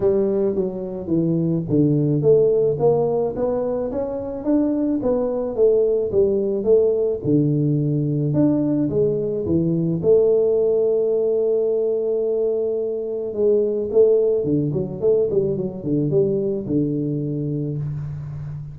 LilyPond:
\new Staff \with { instrumentName = "tuba" } { \time 4/4 \tempo 4 = 108 g4 fis4 e4 d4 | a4 ais4 b4 cis'4 | d'4 b4 a4 g4 | a4 d2 d'4 |
gis4 e4 a2~ | a1 | gis4 a4 d8 fis8 a8 g8 | fis8 d8 g4 d2 | }